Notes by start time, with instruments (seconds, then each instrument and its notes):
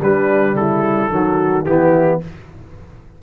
0.00 tuba G3, trombone G3, horn D4, trumpet B4
0.54 tuba C#3, horn E4, trumpet A4
1.10 tuba D#3, trombone F#3, horn F#4
1.65 tuba E3, trombone B3, horn E4, trumpet G4